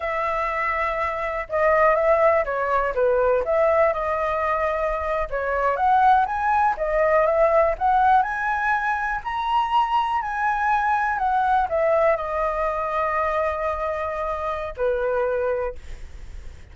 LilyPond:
\new Staff \with { instrumentName = "flute" } { \time 4/4 \tempo 4 = 122 e''2. dis''4 | e''4 cis''4 b'4 e''4 | dis''2~ dis''8. cis''4 fis''16~ | fis''8. gis''4 dis''4 e''4 fis''16~ |
fis''8. gis''2 ais''4~ ais''16~ | ais''8. gis''2 fis''4 e''16~ | e''8. dis''2.~ dis''16~ | dis''2 b'2 | }